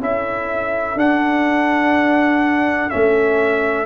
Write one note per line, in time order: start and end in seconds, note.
0.00 0.95 C#4
0.00 0.97 E4
0.00 3.86 A4
0.00 0.99 E5
0.95 2.89 D4
0.95 2.90 D4
0.95 2.90 F#5
2.90 3.86 A3
2.90 3.86 C#4
2.90 3.86 E5